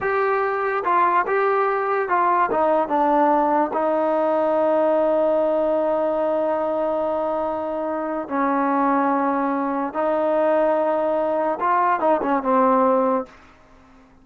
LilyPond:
\new Staff \with { instrumentName = "trombone" } { \time 4/4 \tempo 4 = 145 g'2 f'4 g'4~ | g'4 f'4 dis'4 d'4~ | d'4 dis'2.~ | dis'1~ |
dis'1 | cis'1 | dis'1 | f'4 dis'8 cis'8 c'2 | }